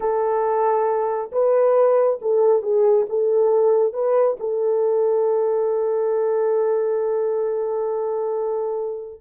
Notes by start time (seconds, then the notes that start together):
0.00 A4
1.32 B4
2.21 A4
2.62 G#4
3.09 A4
3.93 B4
4.39 A4